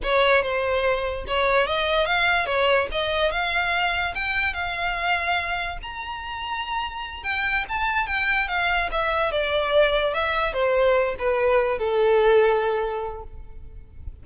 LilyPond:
\new Staff \with { instrumentName = "violin" } { \time 4/4 \tempo 4 = 145 cis''4 c''2 cis''4 | dis''4 f''4 cis''4 dis''4 | f''2 g''4 f''4~ | f''2 ais''2~ |
ais''4. g''4 a''4 g''8~ | g''8 f''4 e''4 d''4.~ | d''8 e''4 c''4. b'4~ | b'8 a'2.~ a'8 | }